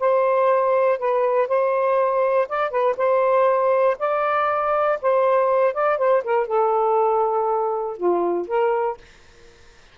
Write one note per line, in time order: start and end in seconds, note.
0.00 0.99 C5
0.99 1.48 B4
1.48 2.48 C5
2.49 2.71 D5
2.71 2.96 B4
2.97 3.97 C5
3.99 4.99 D5
5.02 5.74 C5
5.74 5.98 D5
5.98 6.23 C5
6.24 6.47 A#4
6.47 7.97 A4
7.97 8.47 F4
8.47 8.97 A#4